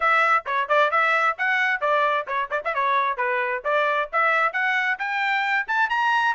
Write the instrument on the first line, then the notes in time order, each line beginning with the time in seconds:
trumpet
0.00 E5
0.45 C#5
0.68 D5
0.91 E5
1.38 F#5
1.80 D5
2.27 C#5
2.50 D5
2.64 E5
2.74 C#5
3.17 B4
3.64 D5
4.12 E5
4.52 F#5
4.98 G5
5.67 A5
5.89 A#5